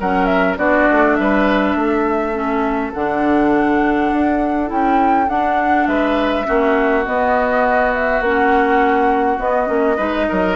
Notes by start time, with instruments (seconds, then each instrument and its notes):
0.00 bassoon F#3, clarinet C#4, oboe A#4, flute F#5
0.25 flute E5
0.57 bassoon B3, clarinet D4, oboe F#4, flute D5
0.91 bassoon A3
1.15 bassoon G3, oboe B4, flute E5
1.75 bassoon A3, oboe A4
2.33 clarinet C#4
2.93 bassoon D3, clarinet D4, flute F#5
4.13 bassoon D4
4.66 bassoon C#4, clarinet E4, flute G5
5.28 bassoon D4, clarinet D4, flute F#5
5.87 bassoon G#3, oboe B4, flute E5
6.45 bassoon A#3, clarinet C#4, oboe F#4
7.05 clarinet B3, bassoon B3, flute D#5
7.93 flute E5
8.21 bassoon A#3, clarinet C#4, flute F#5
9.39 clarinet B3, bassoon B3, flute D#5
9.66 bassoon A#3, clarinet C#4
9.97 bassoon G#3, clarinet D#4, oboe B4
10.29 bassoon F#3, oboe A#4